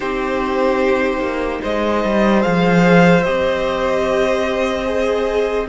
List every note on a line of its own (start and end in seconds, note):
0.00 1.19 C4
0.00 2.41 D#4
0.00 1.61 G4
0.00 1.61 C5
1.19 1.59 A#3
1.61 2.04 G#3
1.61 5.66 C5
1.61 2.42 D#5
2.04 2.45 G3
2.41 3.27 F3
2.41 3.22 G#4
2.41 3.23 F5
3.23 5.68 C4
3.23 4.85 G4
3.23 5.66 D#5
4.85 5.66 G#4